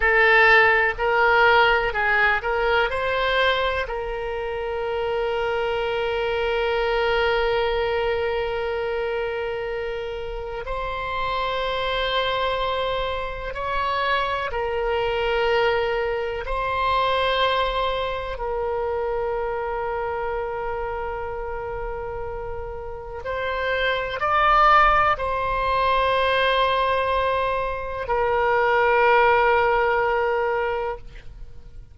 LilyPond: \new Staff \with { instrumentName = "oboe" } { \time 4/4 \tempo 4 = 62 a'4 ais'4 gis'8 ais'8 c''4 | ais'1~ | ais'2. c''4~ | c''2 cis''4 ais'4~ |
ais'4 c''2 ais'4~ | ais'1 | c''4 d''4 c''2~ | c''4 ais'2. | }